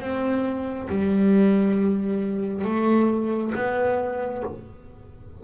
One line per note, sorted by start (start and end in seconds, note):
0.00 0.88 C4
0.89 2.65 G3
2.65 3.53 A3
3.55 4.43 B3